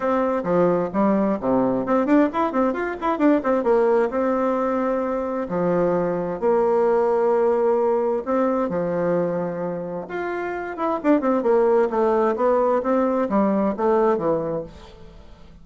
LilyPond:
\new Staff \with { instrumentName = "bassoon" } { \time 4/4 \tempo 4 = 131 c'4 f4 g4 c4 | c'8 d'8 e'8 c'8 f'8 e'8 d'8 c'8 | ais4 c'2. | f2 ais2~ |
ais2 c'4 f4~ | f2 f'4. e'8 | d'8 c'8 ais4 a4 b4 | c'4 g4 a4 e4 | }